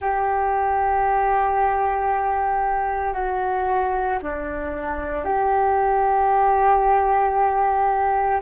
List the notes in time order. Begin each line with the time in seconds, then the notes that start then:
0.01 G4
3.13 F#4
4.22 D4
5.24 G4